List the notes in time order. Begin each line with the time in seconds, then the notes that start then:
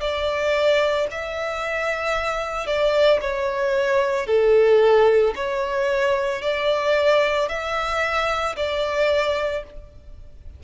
0.00 D5
1.11 E5
2.66 D5
3.21 C#5
4.26 A4
5.35 C#5
6.41 D5
7.49 E5
8.56 D5